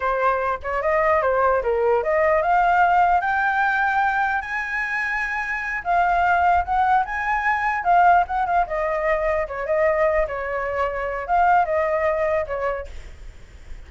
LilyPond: \new Staff \with { instrumentName = "flute" } { \time 4/4 \tempo 4 = 149 c''4. cis''8 dis''4 c''4 | ais'4 dis''4 f''2 | g''2. gis''4~ | gis''2~ gis''8 f''4.~ |
f''8 fis''4 gis''2 f''8~ | f''8 fis''8 f''8 dis''2 cis''8 | dis''4. cis''2~ cis''8 | f''4 dis''2 cis''4 | }